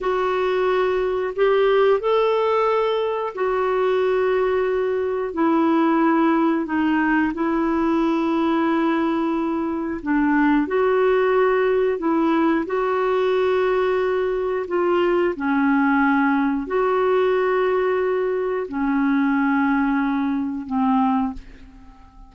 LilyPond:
\new Staff \with { instrumentName = "clarinet" } { \time 4/4 \tempo 4 = 90 fis'2 g'4 a'4~ | a'4 fis'2. | e'2 dis'4 e'4~ | e'2. d'4 |
fis'2 e'4 fis'4~ | fis'2 f'4 cis'4~ | cis'4 fis'2. | cis'2. c'4 | }